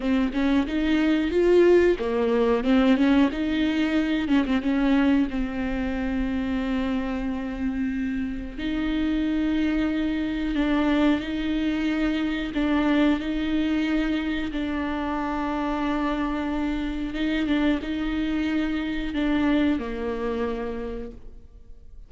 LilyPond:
\new Staff \with { instrumentName = "viola" } { \time 4/4 \tempo 4 = 91 c'8 cis'8 dis'4 f'4 ais4 | c'8 cis'8 dis'4. cis'16 c'16 cis'4 | c'1~ | c'4 dis'2. |
d'4 dis'2 d'4 | dis'2 d'2~ | d'2 dis'8 d'8 dis'4~ | dis'4 d'4 ais2 | }